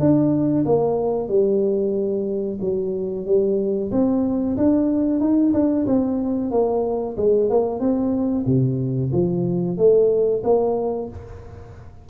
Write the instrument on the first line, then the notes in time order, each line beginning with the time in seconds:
tuba
0.00 D4
0.66 A#3
1.28 G3
2.61 F#3
3.26 G3
3.91 C4
4.57 D4
5.20 D#4
5.53 D4
5.86 C4
6.51 A#3
7.17 G#3
7.50 A#3
7.80 C4
8.46 C3
9.12 F3
9.78 A3
10.44 A#3